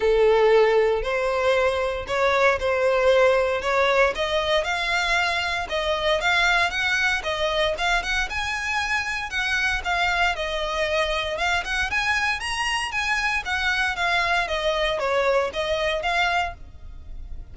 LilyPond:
\new Staff \with { instrumentName = "violin" } { \time 4/4 \tempo 4 = 116 a'2 c''2 | cis''4 c''2 cis''4 | dis''4 f''2 dis''4 | f''4 fis''4 dis''4 f''8 fis''8 |
gis''2 fis''4 f''4 | dis''2 f''8 fis''8 gis''4 | ais''4 gis''4 fis''4 f''4 | dis''4 cis''4 dis''4 f''4 | }